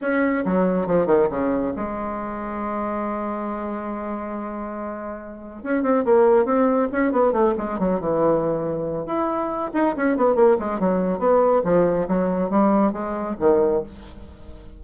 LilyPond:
\new Staff \with { instrumentName = "bassoon" } { \time 4/4 \tempo 4 = 139 cis'4 fis4 f8 dis8 cis4 | gis1~ | gis1~ | gis4 cis'8 c'8 ais4 c'4 |
cis'8 b8 a8 gis8 fis8 e4.~ | e4 e'4. dis'8 cis'8 b8 | ais8 gis8 fis4 b4 f4 | fis4 g4 gis4 dis4 | }